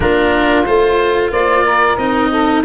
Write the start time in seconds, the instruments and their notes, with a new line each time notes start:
0.00 tuba A#3, cello D4, saxophone F4, oboe A#4
0.65 tuba A3, cello F4, oboe C5
1.30 tuba A#3, saxophone C5, oboe D5
1.64 saxophone A#4
1.97 tuba C4, cello D#4, oboe D#5
2.31 saxophone A4